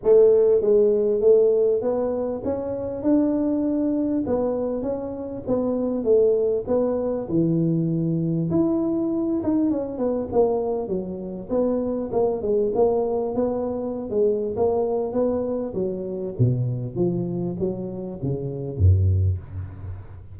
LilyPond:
\new Staff \with { instrumentName = "tuba" } { \time 4/4 \tempo 4 = 99 a4 gis4 a4 b4 | cis'4 d'2 b4 | cis'4 b4 a4 b4 | e2 e'4. dis'8 |
cis'8 b8 ais4 fis4 b4 | ais8 gis8 ais4 b4~ b16 gis8. | ais4 b4 fis4 b,4 | f4 fis4 cis4 fis,4 | }